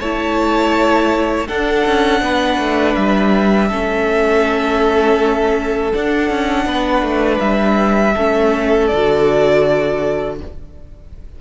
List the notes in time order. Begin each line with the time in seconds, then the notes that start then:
0.00 A3 E4 C#5 A5
1.47 D4 A4 F#5
1.86 C#4
2.21 B3 B4
2.58 A3
2.95 G3 E5
3.68 A3 C#4 A4
5.93 D4 F#5
6.30 C#4
6.65 B3 B4
7.02 A3
7.39 G3 E5
8.13 A3 C#4 A4
8.88 D3 F#4 D5